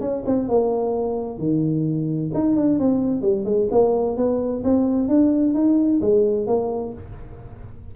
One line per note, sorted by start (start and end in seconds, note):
0.00 0.23 C#4
0.26 0.48 C4
0.48 1.38 A#3
1.38 2.30 D#3
2.33 2.56 D#4
2.56 2.79 D4
2.79 3.21 C4
3.21 3.44 G3
3.44 3.68 G#3
3.71 4.16 A#3
4.16 4.63 B3
4.63 5.08 C4
5.08 5.54 D4
5.54 6.00 D#4
6.01 6.47 G#3
6.47 6.93 A#3